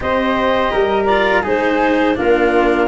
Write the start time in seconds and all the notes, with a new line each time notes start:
0.00 C4 G4 C5 D#5
0.71 G3 A#4
1.05 F4 D5
1.41 G#3 D#4 G#4 C5
2.15 A#3 D4 F4 A#4